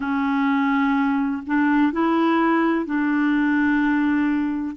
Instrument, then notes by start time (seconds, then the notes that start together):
clarinet
0.00 C#4
1.46 D4
1.92 E4
2.85 D4